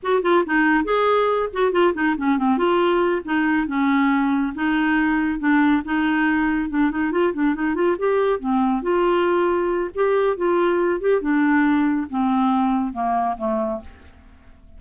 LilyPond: \new Staff \with { instrumentName = "clarinet" } { \time 4/4 \tempo 4 = 139 fis'8 f'8 dis'4 gis'4. fis'8 | f'8 dis'8 cis'8 c'8 f'4. dis'8~ | dis'8 cis'2 dis'4.~ | dis'8 d'4 dis'2 d'8 |
dis'8 f'8 d'8 dis'8 f'8 g'4 c'8~ | c'8 f'2~ f'8 g'4 | f'4. g'8 d'2 | c'2 ais4 a4 | }